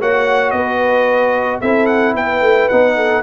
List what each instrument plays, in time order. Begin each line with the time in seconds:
0.00 tuba A#3, trombone F#4, horn C#5, trumpet F#5
0.50 tuba B3, horn B4, trumpet D#5
1.61 tuba C4, trombone E4, horn A4, trumpet E5
1.86 trumpet F#5
2.14 tuba B3, horn B4, trumpet G5
2.41 tuba A3
2.68 tuba B3, trombone D#4, trumpet F#5
2.96 horn A4